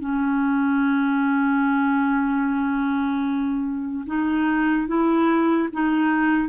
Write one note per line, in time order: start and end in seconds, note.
0.00 4.05 C#4
4.07 4.88 D#4
4.88 5.69 E4
5.73 6.49 D#4